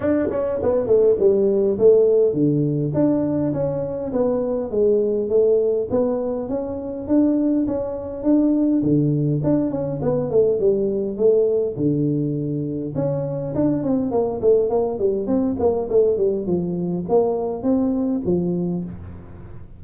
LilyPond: \new Staff \with { instrumentName = "tuba" } { \time 4/4 \tempo 4 = 102 d'8 cis'8 b8 a8 g4 a4 | d4 d'4 cis'4 b4 | gis4 a4 b4 cis'4 | d'4 cis'4 d'4 d4 |
d'8 cis'8 b8 a8 g4 a4 | d2 cis'4 d'8 c'8 | ais8 a8 ais8 g8 c'8 ais8 a8 g8 | f4 ais4 c'4 f4 | }